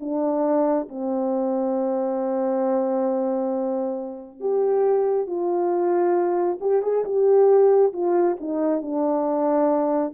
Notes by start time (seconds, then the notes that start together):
0.00 D4
0.88 C4
4.40 G4
5.26 F4
6.61 G4
6.82 G#4
7.04 G4
7.93 F4
8.40 D#4
8.82 D4